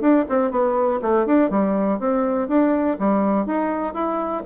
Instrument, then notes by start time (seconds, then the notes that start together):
bassoon
0.00 D4
0.29 C4
0.51 B3
1.01 A3
1.26 D4
1.50 G3
1.99 C4
2.48 D4
2.99 G3
3.46 D#4
3.93 E4